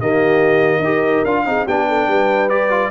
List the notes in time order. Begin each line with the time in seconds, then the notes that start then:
0.00 D#3 A#3 G4 D#5
0.79 D#4 G4 A#4
1.24 D4 F4 F5
1.45 C4 D#4 G#4
1.65 B3 D4 G4 G5
1.88 A4
2.07 G3 B4
2.49 G4 D5
2.70 F4